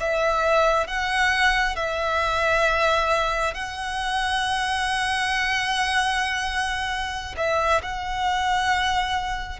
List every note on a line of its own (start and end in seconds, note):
0.00 0.88 E5
0.88 1.76 F#5
1.76 3.55 E5
3.55 7.36 F#5
7.38 7.82 E5
7.83 9.60 F#5